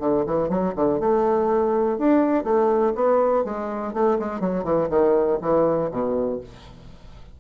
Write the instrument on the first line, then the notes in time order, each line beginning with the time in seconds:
bassoon
0.00 D3
0.27 E3
0.49 F#3
0.76 D3
1.00 A3
1.99 D4
2.44 A3
2.95 B3
3.44 G#3
3.94 A3
4.19 G#3
4.41 F#3
4.64 E3
4.90 D#3
5.42 E3
5.91 B2